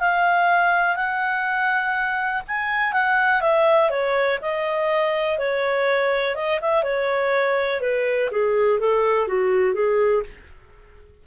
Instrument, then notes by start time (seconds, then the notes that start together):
clarinet
0.00 F5
0.96 F#5
2.47 G#5
2.93 F#5
3.41 E5
3.90 C#5
4.41 D#5
5.38 C#5
6.35 D#5
6.61 E5
6.83 C#5
7.81 B4
8.31 G#4
8.79 A4
9.27 F#4
9.74 G#4